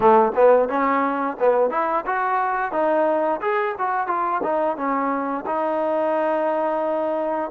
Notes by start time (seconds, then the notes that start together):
0.00 A3
0.35 B3
0.68 C#4
1.39 B3
1.70 E4
2.05 F#4
2.72 D#4
3.41 G#4
3.78 F#4
4.07 F4
4.43 D#4
4.76 C#4
5.46 D#4